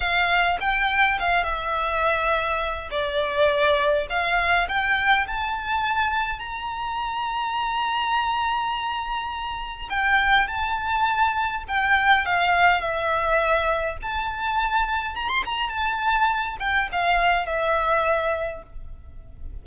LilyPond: \new Staff \with { instrumentName = "violin" } { \time 4/4 \tempo 4 = 103 f''4 g''4 f''8 e''4.~ | e''4 d''2 f''4 | g''4 a''2 ais''4~ | ais''1~ |
ais''4 g''4 a''2 | g''4 f''4 e''2 | a''2 ais''16 c'''16 ais''8 a''4~ | a''8 g''8 f''4 e''2 | }